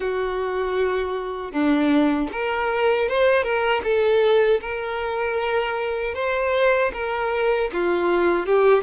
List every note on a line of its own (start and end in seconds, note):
0.00 1.51 F#4
1.51 2.28 D4
2.32 3.08 A#4
3.08 3.43 C5
3.43 3.81 A#4
3.83 4.60 A4
4.61 6.14 A#4
6.14 6.91 C5
6.93 7.70 A#4
7.72 8.45 F4
8.45 8.83 G4